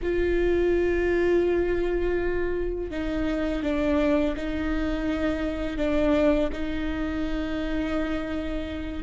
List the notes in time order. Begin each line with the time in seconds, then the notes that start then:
0.02 F4
2.90 D#4
3.62 D4
4.36 D#4
5.77 D4
6.52 D#4